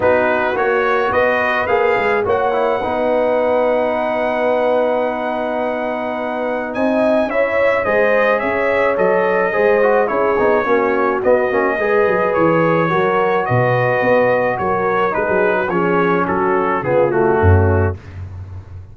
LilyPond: <<
  \new Staff \with { instrumentName = "trumpet" } { \time 4/4 \tempo 4 = 107 b'4 cis''4 dis''4 f''4 | fis''1~ | fis''1 | gis''4 e''4 dis''4 e''4 |
dis''2 cis''2 | dis''2 cis''2 | dis''2 cis''4 b'4 | cis''4 a'4 gis'8 fis'4. | }
  \new Staff \with { instrumentName = "horn" } { \time 4/4 fis'2 b'2 | cis''4 b'2.~ | b'1 | dis''4 cis''4 c''4 cis''4~ |
cis''4 c''4 gis'4 fis'4~ | fis'4 b'2 ais'4 | b'2 ais'4 gis'8. fis'16 | gis'4 fis'4 f'4 cis'4 | }
  \new Staff \with { instrumentName = "trombone" } { \time 4/4 dis'4 fis'2 gis'4 | fis'8 e'8 dis'2.~ | dis'1~ | dis'4 e'4 gis'2 |
a'4 gis'8 fis'8 e'8 dis'8 cis'4 | b8 cis'8 gis'2 fis'4~ | fis'2. dis'4 | cis'2 b8 a4. | }
  \new Staff \with { instrumentName = "tuba" } { \time 4/4 b4 ais4 b4 ais8 gis8 | ais4 b2.~ | b1 | c'4 cis'4 gis4 cis'4 |
fis4 gis4 cis'8 b8 ais4 | b8 ais8 gis8 fis8 e4 fis4 | b,4 b4 fis4 gis16 fis8. | f4 fis4 cis4 fis,4 | }
>>